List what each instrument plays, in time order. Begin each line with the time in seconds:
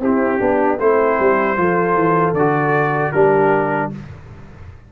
0.00 tuba C4, trombone C4, horn E4, trumpet G4
0.38 tuba B3, horn D4, trombone D4
0.79 tuba A3, horn C4, trombone E4, trumpet C5
1.19 tuba G3
1.57 tuba F3, trombone F4, horn A4
1.96 tuba E3
2.34 tuba D3, trombone F#4, trumpet D5
3.12 tuba G3, trombone D4, horn G4, trumpet A#4